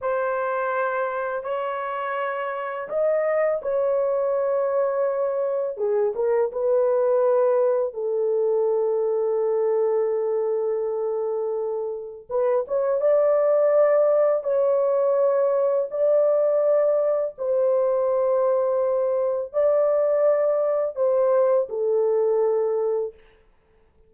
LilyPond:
\new Staff \with { instrumentName = "horn" } { \time 4/4 \tempo 4 = 83 c''2 cis''2 | dis''4 cis''2. | gis'8 ais'8 b'2 a'4~ | a'1~ |
a'4 b'8 cis''8 d''2 | cis''2 d''2 | c''2. d''4~ | d''4 c''4 a'2 | }